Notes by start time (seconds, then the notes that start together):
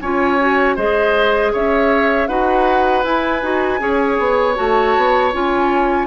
0.00 C#4 F4 C#5 G#5
0.39 F#4
0.76 G#3 G#4 C5 D#5
1.52 C#4 C#5 E5
2.27 D#4 F#4 B4 F#5
3.03 E4 G#5
3.42 D#4 F#4
3.78 C#4 G#4 C#5
4.18 B3
4.55 A3 F#4 A5
4.97 B3
5.32 C#4 F4 G#5